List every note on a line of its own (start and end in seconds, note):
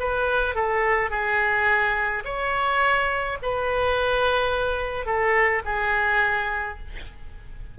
0.00 0.56 B4
0.56 1.10 A4
1.10 2.23 G#4
2.25 3.38 C#5
3.42 5.06 B4
5.06 5.62 A4
5.65 6.78 G#4